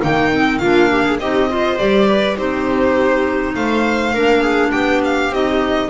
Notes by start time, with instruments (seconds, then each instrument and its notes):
0.00 double bass D#3, clarinet A#3, viola D#4, violin G5
0.32 clarinet C4
0.58 double bass A#3, clarinet D4, viola F4, violin F5
0.91 viola G4
1.06 viola G#4
1.19 double bass C4, clarinet D#4, viola G4, violin D#5
1.49 clarinet F4, viola C5
1.78 double bass G3, clarinet G4, violin D5
2.09 viola B4
2.37 double bass C4, clarinet D#4, viola G4, violin C5
3.55 double bass A3, viola C5, violin F5
4.14 double bass A#3, clarinet D4, viola A#4
4.40 viola G#4
4.72 double bass B3, viola G4, violin G5
5.04 violin F5
5.30 double bass C4, clarinet D#4, violin D#5